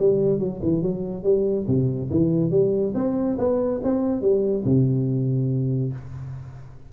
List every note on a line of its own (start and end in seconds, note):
0.00 0.39 G3
0.39 0.61 F#3
0.63 0.83 E3
0.83 1.24 F#3
1.24 1.67 G3
1.68 2.10 C3
2.11 2.51 E3
2.51 2.94 G3
2.95 3.38 C4
3.39 3.81 B3
3.84 4.22 C4
4.22 4.64 G3
4.65 5.93 C3